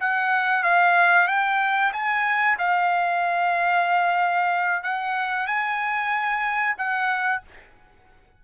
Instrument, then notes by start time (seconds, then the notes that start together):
trumpet
0.00 F#5
0.63 F5
1.28 G5
1.93 G#5
2.58 F5
4.84 F#5
5.47 G#5
6.78 F#5